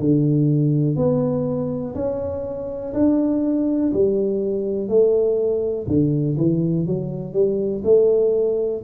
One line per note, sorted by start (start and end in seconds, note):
0.00 0.97 D3
0.97 1.95 B3
1.95 2.94 C#4
2.94 3.92 D4
3.94 4.89 G3
4.89 5.87 A3
5.87 6.37 D3
6.38 6.87 E3
6.87 7.34 F#3
7.34 7.83 G3
7.85 8.83 A3